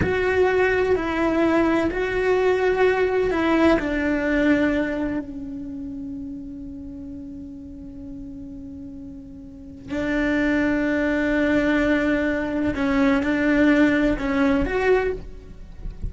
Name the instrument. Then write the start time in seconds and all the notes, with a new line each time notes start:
cello
0.02 F#4
0.95 E4
1.90 F#4
3.30 E4
3.79 D4
5.19 C#4
9.91 D4
12.75 C#4
13.23 D4
14.18 C#4
14.65 F#4